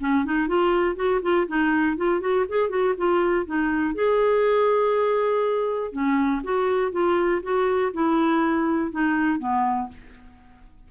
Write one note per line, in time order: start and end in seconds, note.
0.00 0.25 C#4
0.25 0.48 D#4
0.48 0.96 F4
0.96 1.20 F#4
1.22 1.47 F4
1.47 1.97 D#4
1.97 2.20 F4
2.20 2.45 F#4
2.48 2.69 G#4
2.69 2.94 F#4
2.97 3.46 F4
3.46 3.94 D#4
3.94 5.92 G#4
5.92 6.42 C#4
6.43 6.92 F#4
6.92 7.41 F4
7.42 7.92 F#4
7.93 8.91 E4
8.91 9.39 D#4
9.39 9.88 B3